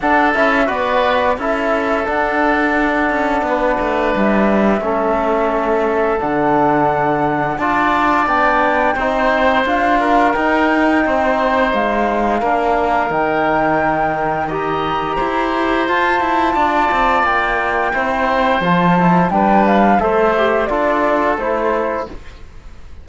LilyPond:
<<
  \new Staff \with { instrumentName = "flute" } { \time 4/4 \tempo 4 = 87 fis''8 e''8 d''4 e''4 fis''4~ | fis''2 e''2~ | e''4 fis''2 a''4 | g''2 f''4 g''4~ |
g''4 f''2 g''4~ | g''4 ais''2 a''4~ | a''4 g''2 a''4 | g''8 f''8 e''4 d''4 c''4 | }
  \new Staff \with { instrumentName = "oboe" } { \time 4/4 a'4 b'4 a'2~ | a'4 b'2 a'4~ | a'2. d''4~ | d''4 c''4. ais'4. |
c''2 ais'2~ | ais'4 dis''4 c''2 | d''2 c''2 | b'4 c''4 a'2 | }
  \new Staff \with { instrumentName = "trombone" } { \time 4/4 d'8 e'8 fis'4 e'4 d'4~ | d'2. cis'4~ | cis'4 d'2 f'4 | d'4 dis'4 f'4 dis'4~ |
dis'2 d'4 dis'4~ | dis'4 g'2 f'4~ | f'2 e'4 f'8 e'8 | d'4 a'8 g'8 f'4 e'4 | }
  \new Staff \with { instrumentName = "cello" } { \time 4/4 d'8 cis'8 b4 cis'4 d'4~ | d'8 cis'8 b8 a8 g4 a4~ | a4 d2 d'4 | b4 c'4 d'4 dis'4 |
c'4 gis4 ais4 dis4~ | dis2 e'4 f'8 e'8 | d'8 c'8 ais4 c'4 f4 | g4 a4 d'4 a4 | }
>>